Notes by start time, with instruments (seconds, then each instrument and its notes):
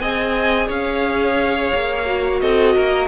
0.00 cello C4, viola G#4, violin D#5 G#5
0.67 cello C#4, violin C#5 F5
1.74 cello A#3
2.06 viola F#4
2.41 cello C4, violin A4 D#5
2.76 cello A#3, violin A#4